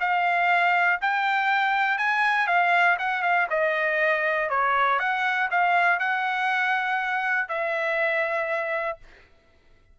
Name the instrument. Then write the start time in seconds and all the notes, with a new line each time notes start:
trumpet
0.00 F5
1.01 G5
1.98 G#5
2.47 F5
2.99 F#5
3.22 F5
3.50 D#5
4.50 C#5
4.99 F#5
5.51 F5
5.99 F#5
7.48 E5